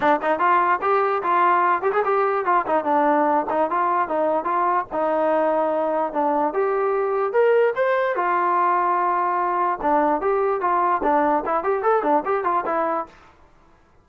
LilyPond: \new Staff \with { instrumentName = "trombone" } { \time 4/4 \tempo 4 = 147 d'8 dis'8 f'4 g'4 f'4~ | f'8 g'16 gis'16 g'4 f'8 dis'8 d'4~ | d'8 dis'8 f'4 dis'4 f'4 | dis'2. d'4 |
g'2 ais'4 c''4 | f'1 | d'4 g'4 f'4 d'4 | e'8 g'8 a'8 d'8 g'8 f'8 e'4 | }